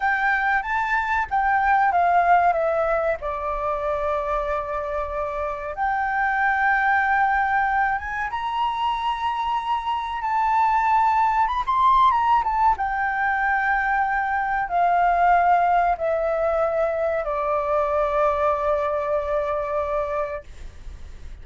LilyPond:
\new Staff \with { instrumentName = "flute" } { \time 4/4 \tempo 4 = 94 g''4 a''4 g''4 f''4 | e''4 d''2.~ | d''4 g''2.~ | g''8 gis''8 ais''2. |
a''2 b''16 c'''8. ais''8 a''8 | g''2. f''4~ | f''4 e''2 d''4~ | d''1 | }